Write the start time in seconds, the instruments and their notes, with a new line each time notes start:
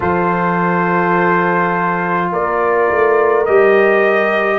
0.00 tuba F3, trombone F4, horn A4, trumpet C5
2.31 tuba A#3, horn A#4, trumpet D5
2.90 tuba A3
3.45 tuba G3, trombone G4, trumpet D#5